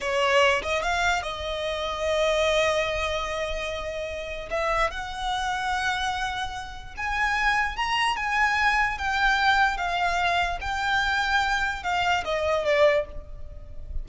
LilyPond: \new Staff \with { instrumentName = "violin" } { \time 4/4 \tempo 4 = 147 cis''4. dis''8 f''4 dis''4~ | dis''1~ | dis''2. e''4 | fis''1~ |
fis''4 gis''2 ais''4 | gis''2 g''2 | f''2 g''2~ | g''4 f''4 dis''4 d''4 | }